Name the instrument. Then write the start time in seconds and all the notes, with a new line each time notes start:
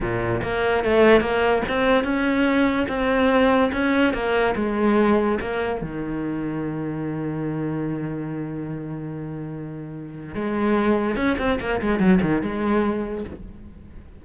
cello
0.00 A#2
0.42 A#3
0.84 A3
1.21 A#3
1.68 C4
2.04 C#4
2.88 C4
3.72 C#4
4.13 A#3
4.55 G#3
5.40 A#3
5.81 D#3
10.34 G#3
11.16 C#4
11.38 C4
11.60 A#3
11.81 G#3
11.99 F#3
12.21 D#3
12.42 G#3